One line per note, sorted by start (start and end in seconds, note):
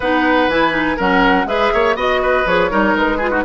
0.00 0.48 B3
0.00 0.50 D#4
0.00 0.96 B4
0.00 0.49 F#5
0.48 0.97 E3
0.48 0.71 E4
0.48 0.98 G#5
0.71 0.96 D#4
0.96 1.45 F#3
0.96 1.47 C#4
0.96 1.45 A#4
0.96 1.47 F#5
1.45 1.69 G#3
1.45 1.96 G#4
1.45 1.73 B4
1.45 1.96 E5
1.73 1.95 A#3
1.73 1.96 C#5
1.95 2.44 B3
1.95 2.45 F#4
1.95 2.20 D#5
1.95 2.47 D#5
2.22 2.71 B4
2.45 2.70 F3
2.45 2.70 G#4
2.45 2.96 C#5
2.70 2.95 G3
2.70 3.19 D#4
2.70 3.17 A#4
2.95 3.44 G#3
2.95 3.44 B4
3.17 3.31 F4
3.17 3.29 G#4
3.30 3.43 D#4
3.30 3.42 F#4